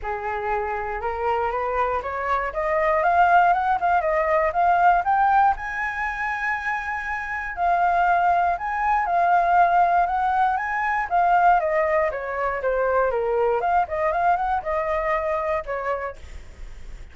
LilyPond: \new Staff \with { instrumentName = "flute" } { \time 4/4 \tempo 4 = 119 gis'2 ais'4 b'4 | cis''4 dis''4 f''4 fis''8 f''8 | dis''4 f''4 g''4 gis''4~ | gis''2. f''4~ |
f''4 gis''4 f''2 | fis''4 gis''4 f''4 dis''4 | cis''4 c''4 ais'4 f''8 dis''8 | f''8 fis''8 dis''2 cis''4 | }